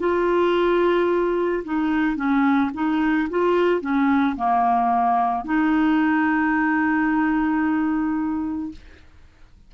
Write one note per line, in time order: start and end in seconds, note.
0.00 1.64 F4
1.65 2.17 D#4
2.17 2.71 C#4
2.74 3.29 D#4
3.30 3.82 F4
3.82 4.36 C#4
4.36 5.45 A#3
5.45 8.72 D#4